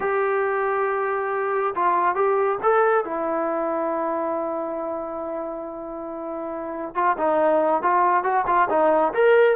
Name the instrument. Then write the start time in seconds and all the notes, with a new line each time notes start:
trombone
0.00 G4
1.75 F4
2.15 G4
2.62 A4
3.04 E4
6.94 F4
7.17 D#4
7.82 F4
8.23 F#4
8.46 F4
8.69 D#4
9.13 A#4